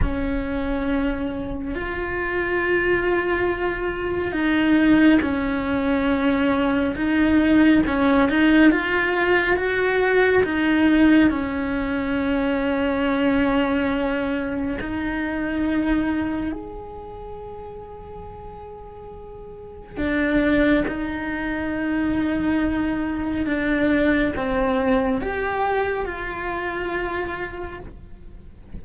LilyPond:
\new Staff \with { instrumentName = "cello" } { \time 4/4 \tempo 4 = 69 cis'2 f'2~ | f'4 dis'4 cis'2 | dis'4 cis'8 dis'8 f'4 fis'4 | dis'4 cis'2.~ |
cis'4 dis'2 gis'4~ | gis'2. d'4 | dis'2. d'4 | c'4 g'4 f'2 | }